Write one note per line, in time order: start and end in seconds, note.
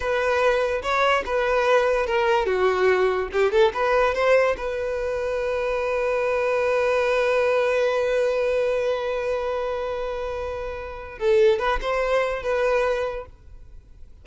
0.00 0.82 B4
0.82 1.23 C#5
1.25 2.06 B4
2.06 2.46 A#4
2.46 3.29 F#4
3.32 3.51 G4
3.51 3.72 A4
3.73 4.14 B4
4.14 4.56 C5
4.57 11.18 B4
11.18 11.59 A4
11.59 11.79 B4
11.81 12.43 C5
12.43 13.25 B4